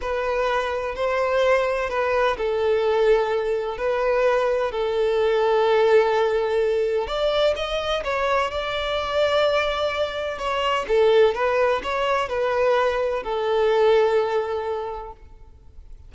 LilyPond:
\new Staff \with { instrumentName = "violin" } { \time 4/4 \tempo 4 = 127 b'2 c''2 | b'4 a'2. | b'2 a'2~ | a'2. d''4 |
dis''4 cis''4 d''2~ | d''2 cis''4 a'4 | b'4 cis''4 b'2 | a'1 | }